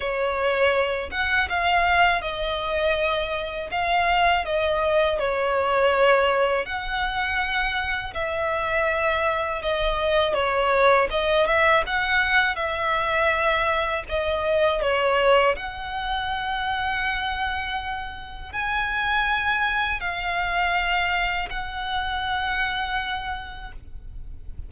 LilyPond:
\new Staff \with { instrumentName = "violin" } { \time 4/4 \tempo 4 = 81 cis''4. fis''8 f''4 dis''4~ | dis''4 f''4 dis''4 cis''4~ | cis''4 fis''2 e''4~ | e''4 dis''4 cis''4 dis''8 e''8 |
fis''4 e''2 dis''4 | cis''4 fis''2.~ | fis''4 gis''2 f''4~ | f''4 fis''2. | }